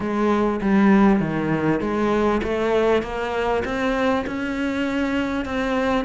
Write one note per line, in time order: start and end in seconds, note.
0.00 0.60 G#3
0.61 1.20 G3
1.20 1.80 D#3
1.80 2.41 G#3
2.43 3.02 A3
3.02 3.63 A#3
3.64 4.25 C4
4.26 5.45 C#4
5.45 6.04 C4